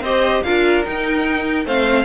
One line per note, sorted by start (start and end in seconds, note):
0.00 0.41 C4
0.00 0.45 G4
0.00 0.43 C5
0.00 0.43 D#5
0.43 0.86 D4
0.43 0.84 F4
0.43 1.65 A#4
0.43 0.83 F5
0.84 1.65 D#4
0.84 1.65 G5
1.65 2.05 A3
1.65 2.05 C4
1.65 2.05 C5
1.65 2.05 F5